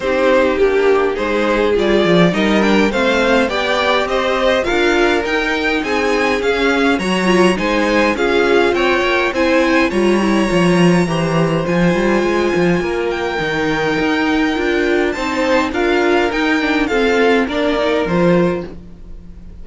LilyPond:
<<
  \new Staff \with { instrumentName = "violin" } { \time 4/4 \tempo 4 = 103 c''4 g'4 c''4 d''4 | dis''8 g''8 f''4 g''4 dis''4 | f''4 g''4 gis''4 f''4 | ais''4 gis''4 f''4 g''4 |
gis''4 ais''2. | gis''2~ gis''8 g''4.~ | g''2 a''4 f''4 | g''4 f''4 d''4 c''4 | }
  \new Staff \with { instrumentName = "violin" } { \time 4/4 g'2 gis'2 | ais'4 c''4 d''4 c''4 | ais'2 gis'2 | cis''4 c''4 gis'4 cis''4 |
c''4 cis''2 c''4~ | c''2 ais'2~ | ais'2 c''4 ais'4~ | ais'4 a'4 ais'2 | }
  \new Staff \with { instrumentName = "viola" } { \time 4/4 dis'4 d'4 dis'4 f'4 | dis'8 d'8 c'4 g'2 | f'4 dis'2 cis'4 | fis'8 f'8 dis'4 f'2 |
e'4 f'8 e'8 f'4 g'4 | f'2. dis'4~ | dis'4 f'4 dis'4 f'4 | dis'8 d'8 c'4 d'8 dis'8 f'4 | }
  \new Staff \with { instrumentName = "cello" } { \time 4/4 c'4 ais4 gis4 g8 f8 | g4 a4 b4 c'4 | d'4 dis'4 c'4 cis'4 | fis4 gis4 cis'4 c'8 ais8 |
c'4 g4 f4 e4 | f8 g8 gis8 f8 ais4 dis4 | dis'4 d'4 c'4 d'4 | dis'4 f'4 ais4 f4 | }
>>